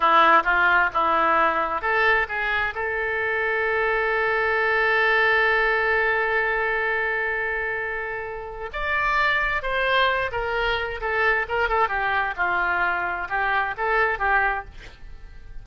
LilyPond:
\new Staff \with { instrumentName = "oboe" } { \time 4/4 \tempo 4 = 131 e'4 f'4 e'2 | a'4 gis'4 a'2~ | a'1~ | a'1~ |
a'2. d''4~ | d''4 c''4. ais'4. | a'4 ais'8 a'8 g'4 f'4~ | f'4 g'4 a'4 g'4 | }